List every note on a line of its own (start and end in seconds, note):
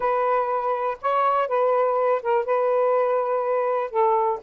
0.00 0.97 B4
1.01 1.48 C#5
1.48 2.21 B4
2.22 2.45 A#4
2.45 3.90 B4
3.90 4.39 A4